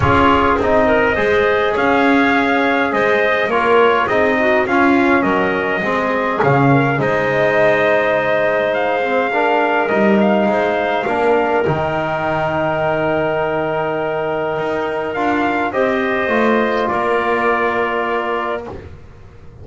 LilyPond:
<<
  \new Staff \with { instrumentName = "trumpet" } { \time 4/4 \tempo 4 = 103 cis''4 dis''2 f''4~ | f''4 dis''4 cis''4 dis''4 | f''4 dis''2 f''4 | dis''2. f''4~ |
f''4 dis''8 f''2~ f''8 | g''1~ | g''2 f''4 dis''4~ | dis''4 d''2. | }
  \new Staff \with { instrumentName = "clarinet" } { \time 4/4 gis'4. ais'8 c''4 cis''4~ | cis''4 c''4 ais'4 gis'8 fis'8 | f'4 ais'4 gis'4. ais'8 | c''1 |
ais'2 c''4 ais'4~ | ais'1~ | ais'2. c''4~ | c''4 ais'2. | }
  \new Staff \with { instrumentName = "trombone" } { \time 4/4 f'4 dis'4 gis'2~ | gis'2 f'4 dis'4 | cis'2 c'4 cis'4 | dis'2.~ dis'8 c'8 |
d'4 dis'2 d'4 | dis'1~ | dis'2 f'4 g'4 | f'1 | }
  \new Staff \with { instrumentName = "double bass" } { \time 4/4 cis'4 c'4 gis4 cis'4~ | cis'4 gis4 ais4 c'4 | cis'4 fis4 gis4 cis4 | gis1~ |
gis4 g4 gis4 ais4 | dis1~ | dis4 dis'4 d'4 c'4 | a4 ais2. | }
>>